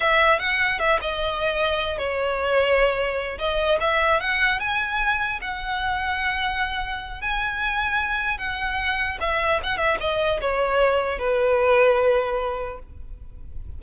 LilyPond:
\new Staff \with { instrumentName = "violin" } { \time 4/4 \tempo 4 = 150 e''4 fis''4 e''8 dis''4.~ | dis''4 cis''2.~ | cis''8 dis''4 e''4 fis''4 gis''8~ | gis''4. fis''2~ fis''8~ |
fis''2 gis''2~ | gis''4 fis''2 e''4 | fis''8 e''8 dis''4 cis''2 | b'1 | }